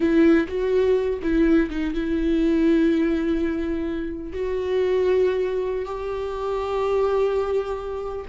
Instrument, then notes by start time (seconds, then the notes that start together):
viola
0.00 E4
0.47 F#4
1.22 E4
1.69 D#4
1.94 E4
4.32 F#4
5.85 G4